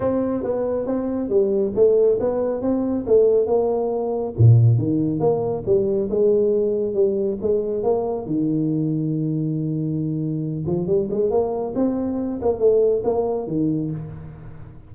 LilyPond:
\new Staff \with { instrumentName = "tuba" } { \time 4/4 \tempo 4 = 138 c'4 b4 c'4 g4 | a4 b4 c'4 a4 | ais2 ais,4 dis4 | ais4 g4 gis2 |
g4 gis4 ais4 dis4~ | dis1~ | dis8 f8 g8 gis8 ais4 c'4~ | c'8 ais8 a4 ais4 dis4 | }